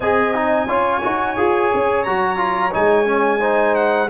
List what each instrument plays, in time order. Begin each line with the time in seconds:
0.00 tuba C4, trombone G#4, horn D#5, trumpet G#5
0.34 trombone D#4
0.67 tuba C#4, trombone F4, horn C#5
1.02 tuba D#4, trombone F#4
1.37 tuba F4, trombone G#4
1.74 tuba C#4
2.03 tuba F#3, trombone F#4, trumpet A#5
2.37 trombone F4
2.71 tuba G#3, trombone D#4, trumpet G#5
3.05 trombone C#4
3.39 trombone D#4, horn C5
3.75 trumpet F#5